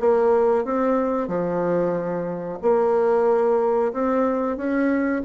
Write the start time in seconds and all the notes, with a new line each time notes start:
0.00 A#3
0.65 C4
1.28 F3
2.63 A#3
3.93 C4
4.57 C#4